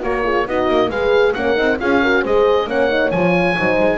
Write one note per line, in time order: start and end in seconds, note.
0.00 0.46 A#3
0.00 0.22 F#4
0.00 0.24 A#4
0.00 0.48 C#5
0.23 0.45 F4
0.23 0.46 G#4
0.46 0.69 B3
0.46 0.90 D#4
0.46 0.89 F#4
0.46 0.90 D#5
0.69 0.89 A#3
0.89 1.33 G#3
0.89 1.35 G#4
0.89 1.33 B4
0.89 1.33 F5
1.33 1.57 A#3
1.33 1.55 C#4
1.33 1.80 A#4
1.33 1.78 F#5
1.55 1.80 C4
1.55 1.77 D#4
1.80 2.24 C#4
1.80 2.02 F4
1.80 2.02 G#4
1.80 2.24 F5
2.02 2.26 F#4
2.02 2.21 A#4
2.21 2.66 G#3
2.21 2.67 G#4
2.21 2.66 C5
2.21 2.69 D#5
2.66 3.11 A#3
2.66 2.89 C#4
2.66 3.57 C#5
2.66 3.10 F#5
2.89 3.11 D#4
3.10 3.56 F3
3.10 3.57 F4
3.10 3.97 G#5
3.57 3.80 F#3
3.57 3.97 D#4
3.57 3.97 C5
3.80 3.97 G#3